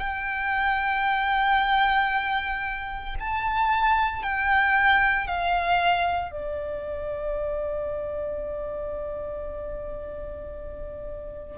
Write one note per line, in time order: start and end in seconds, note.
0.00 3.16 G5
3.20 4.23 A5
4.23 5.27 G5
5.27 6.32 F5
6.32 11.58 D5